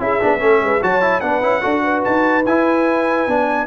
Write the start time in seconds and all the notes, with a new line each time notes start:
0.00 C#4 E4 G#4 E5
0.21 B3 D4
0.40 A3 C#4 A4
0.61 G#3 B4
0.82 F#3 F#4 C#5 A5
1.02 E4
1.21 B3 D4 B4 F#5
1.43 C#4 E4
1.62 D4 F#4 A4
1.84 B4
2.05 D#4 A5
2.46 E4 G#5
3.28 B3 D4